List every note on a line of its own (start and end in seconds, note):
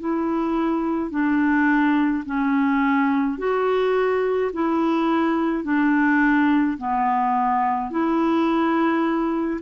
0.00 1.11 E4
1.11 2.24 D4
2.26 3.39 C#4
3.39 4.52 F#4
4.53 5.64 E4
5.64 6.78 D4
6.78 7.91 B3
7.91 9.61 E4